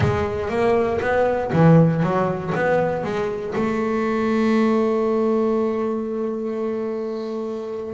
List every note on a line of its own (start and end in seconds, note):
0.00 0.49 G#3
0.49 0.99 A#3
1.01 1.51 B3
1.52 2.02 E3
2.02 2.53 F#3
2.54 3.03 B3
3.03 3.54 G#3
3.55 7.94 A3